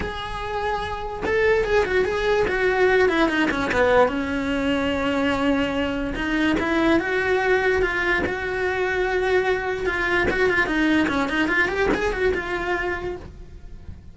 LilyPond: \new Staff \with { instrumentName = "cello" } { \time 4/4 \tempo 4 = 146 gis'2. a'4 | gis'8 fis'8 gis'4 fis'4. e'8 | dis'8 cis'8 b4 cis'2~ | cis'2. dis'4 |
e'4 fis'2 f'4 | fis'1 | f'4 fis'8 f'8 dis'4 cis'8 dis'8 | f'8 g'8 gis'8 fis'8 f'2 | }